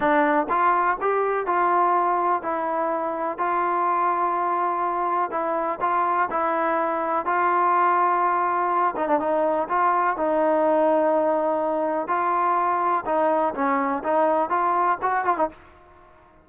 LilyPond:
\new Staff \with { instrumentName = "trombone" } { \time 4/4 \tempo 4 = 124 d'4 f'4 g'4 f'4~ | f'4 e'2 f'4~ | f'2. e'4 | f'4 e'2 f'4~ |
f'2~ f'8 dis'16 d'16 dis'4 | f'4 dis'2.~ | dis'4 f'2 dis'4 | cis'4 dis'4 f'4 fis'8 f'16 dis'16 | }